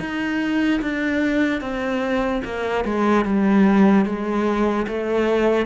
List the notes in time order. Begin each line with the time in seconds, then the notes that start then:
0.00 D#4
0.82 D4
1.61 C4
2.45 A#3
2.85 G#3
3.25 G3
4.05 G#3
4.88 A3